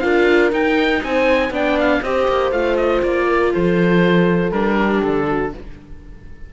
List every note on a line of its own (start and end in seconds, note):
0.00 0.52 D4
0.00 0.51 F4
0.00 1.02 A#4
0.00 0.50 F5
0.51 1.51 D#4
0.51 1.02 D#4
0.51 1.03 G5
1.03 1.50 C4
1.03 1.52 C5
1.03 1.53 G#5
1.50 2.00 B3
1.50 2.03 D4
1.50 2.02 D5
1.50 1.79 G5
1.79 2.03 F5
2.03 2.28 C4
2.03 2.52 G4
2.03 3.28 C5
2.03 2.52 D#5
2.28 2.51 A#3
2.51 3.01 A3
2.51 4.52 F4
2.51 2.77 F5
2.77 3.02 D#5
3.03 3.53 A#3
3.03 3.53 D5
3.28 3.52 A#4
3.52 4.51 F3
3.52 4.77 A4
3.52 4.51 C5
4.51 5.01 G3
4.51 5.53 D4
4.51 5.01 A#4
4.77 5.27 G4
5.03 5.53 D3
5.03 5.53 A4
5.28 5.53 F#4